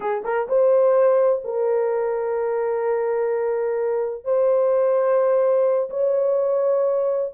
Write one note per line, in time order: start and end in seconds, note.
0.00 0.23 G#4
0.24 0.48 A#4
0.48 1.42 C5
1.44 4.24 A#4
4.24 5.89 C5
5.90 7.31 C#5